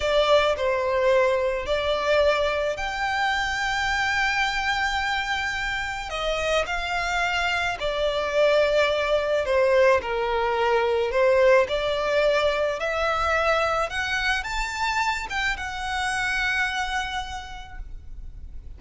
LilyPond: \new Staff \with { instrumentName = "violin" } { \time 4/4 \tempo 4 = 108 d''4 c''2 d''4~ | d''4 g''2.~ | g''2. dis''4 | f''2 d''2~ |
d''4 c''4 ais'2 | c''4 d''2 e''4~ | e''4 fis''4 a''4. g''8 | fis''1 | }